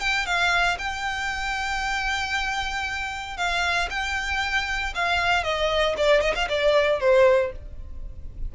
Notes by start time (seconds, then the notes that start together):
0.00 G5
0.26 F5
0.78 G5
3.37 F5
3.90 G5
4.95 F5
5.43 D#5
5.97 D5
6.21 D#5
6.35 F5
6.48 D5
7.00 C5